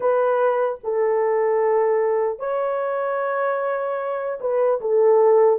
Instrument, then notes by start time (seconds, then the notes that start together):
horn
0.00 B4
0.83 A4
2.39 C#5
4.40 B4
4.80 A4